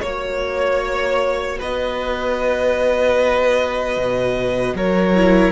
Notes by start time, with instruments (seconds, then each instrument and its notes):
0.00 cello A#3, viola F#4, violin C#5
1.58 cello B3, violin B4 D#5
3.97 cello B2
4.74 cello F#3, violin A#4 C#5
5.15 viola E4